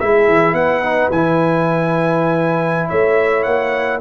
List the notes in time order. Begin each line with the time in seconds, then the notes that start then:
0.00 G#3 E4 G#4 E5
0.28 E3
0.53 B3 B4 F#5
0.84 D#4
1.11 E3 E4 G#5
2.89 A3 C#5 E5
3.43 A#3 F#5